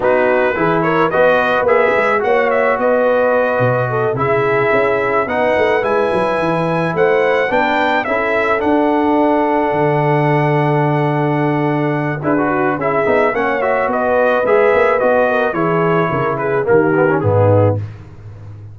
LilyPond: <<
  \new Staff \with { instrumentName = "trumpet" } { \time 4/4 \tempo 4 = 108 b'4. cis''8 dis''4 e''4 | fis''8 e''8 dis''2~ dis''8 e''8~ | e''4. fis''4 gis''4.~ | gis''8 fis''4 g''4 e''4 fis''8~ |
fis''1~ | fis''2 b'4 e''4 | fis''8 e''8 dis''4 e''4 dis''4 | cis''4. b'8 ais'4 gis'4 | }
  \new Staff \with { instrumentName = "horn" } { \time 4/4 fis'4 gis'8 ais'8 b'2 | cis''4 b'2 a'8 gis'8~ | gis'4. b'2~ b'8~ | b'8 c''4 b'4 a'4.~ |
a'1~ | a'2 gis'8 fis'8 gis'4 | cis''4 b'2~ b'8 ais'8 | gis'4 ais'8 gis'8 g'4 dis'4 | }
  \new Staff \with { instrumentName = "trombone" } { \time 4/4 dis'4 e'4 fis'4 gis'4 | fis'2.~ fis'8 e'8~ | e'4. dis'4 e'4.~ | e'4. d'4 e'4 d'8~ |
d'1~ | d'2 e'16 fis'8. e'8 dis'8 | cis'8 fis'4. gis'4 fis'4 | e'2 ais8 b16 cis'16 b4 | }
  \new Staff \with { instrumentName = "tuba" } { \time 4/4 b4 e4 b4 ais8 gis8 | ais4 b4. b,4 cis8~ | cis8 cis'4 b8 a8 gis8 fis8 e8~ | e8 a4 b4 cis'4 d'8~ |
d'4. d2~ d8~ | d2 d'4 cis'8 b8 | ais4 b4 gis8 ais8 b4 | e4 cis4 dis4 gis,4 | }
>>